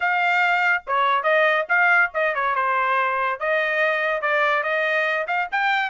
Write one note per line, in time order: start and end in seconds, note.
0.00 0.83 F5
0.86 1.23 C#5
1.23 1.65 D#5
1.68 2.10 F5
2.14 2.34 D#5
2.34 2.55 C#5
2.55 3.39 C5
3.39 4.21 D#5
4.21 4.63 D5
4.63 5.26 D#5
5.27 5.48 F5
5.51 5.90 G5